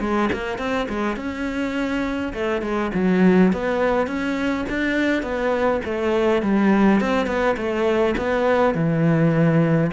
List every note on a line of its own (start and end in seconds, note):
0.00 0.29 G#3
0.32 0.58 A#3
0.58 0.87 C4
0.88 1.16 G#3
1.16 2.32 C#4
2.33 2.61 A3
2.61 2.90 G#3
2.94 3.52 F#3
3.52 4.06 B3
4.06 4.65 C#4
4.69 5.22 D4
5.22 5.80 B3
5.84 6.42 A3
6.42 7.00 G3
7.00 7.26 C4
7.26 7.55 B3
7.56 8.15 A3
8.17 8.74 B3
8.74 9.91 E3